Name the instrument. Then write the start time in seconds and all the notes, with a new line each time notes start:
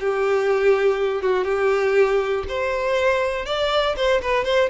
violin
0.00 G4
1.22 F#4
1.45 G4
2.48 C5
3.46 D5
3.96 C5
4.21 B4
4.44 C5